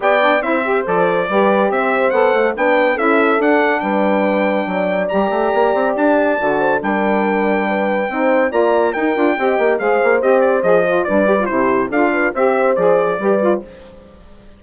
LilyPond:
<<
  \new Staff \with { instrumentName = "trumpet" } { \time 4/4 \tempo 4 = 141 g''4 e''4 d''2 | e''4 fis''4 g''4 e''4 | fis''4 g''2. | ais''2 a''2 |
g''1 | ais''4 g''2 f''4 | dis''8 d''8 dis''4 d''4 c''4 | f''4 e''4 d''2 | }
  \new Staff \with { instrumentName = "horn" } { \time 4/4 d''4 c''2 b'4 | c''2 b'4 a'4~ | a'4 b'2 d''4~ | d''2.~ d''8 c''8 |
ais'2 b'4 c''4 | d''4 ais'4 dis''4 c''4~ | c''2 b'4 g'4 | a'8 b'8 c''2 b'4 | }
  \new Staff \with { instrumentName = "saxophone" } { \time 4/4 g'8 d'8 e'8 g'8 a'4 g'4~ | g'4 a'4 d'4 e'4 | d'1 | g'2. fis'4 |
d'2. dis'4 | f'4 dis'8 f'8 g'4 gis'4 | g'4 gis'8 f'8 d'8 g'16 f'16 e'4 | f'4 g'4 gis'4 g'8 f'8 | }
  \new Staff \with { instrumentName = "bassoon" } { \time 4/4 b4 c'4 f4 g4 | c'4 b8 a8 b4 cis'4 | d'4 g2 fis4 | g8 a8 ais8 c'8 d'4 d4 |
g2. c'4 | ais4 dis'8 d'8 c'8 ais8 gis8 ais8 | c'4 f4 g4 c4 | d'4 c'4 f4 g4 | }
>>